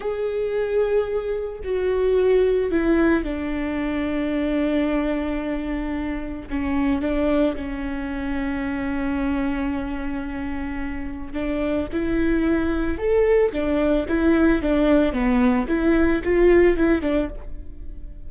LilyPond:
\new Staff \with { instrumentName = "viola" } { \time 4/4 \tempo 4 = 111 gis'2. fis'4~ | fis'4 e'4 d'2~ | d'1 | cis'4 d'4 cis'2~ |
cis'1~ | cis'4 d'4 e'2 | a'4 d'4 e'4 d'4 | b4 e'4 f'4 e'8 d'8 | }